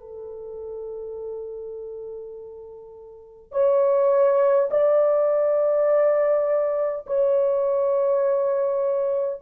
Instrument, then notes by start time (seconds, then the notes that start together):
horn
0.00 A4
3.52 C#5
4.71 D5
7.06 C#5